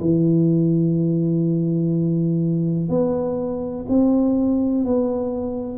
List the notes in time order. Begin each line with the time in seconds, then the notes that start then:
0.00 E3
2.89 B3
3.88 C4
4.84 B3